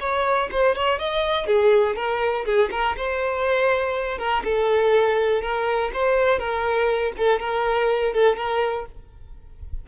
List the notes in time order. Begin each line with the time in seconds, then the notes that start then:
0.00 C#5
0.51 C5
0.75 C#5
0.99 D#5
1.46 G#4
1.96 A#4
2.45 G#4
2.71 A#4
2.97 C5
4.18 A#4
4.44 A4
5.42 A#4
5.93 C5
6.39 A#4
7.17 A4
7.40 A#4
8.13 A4
8.37 A#4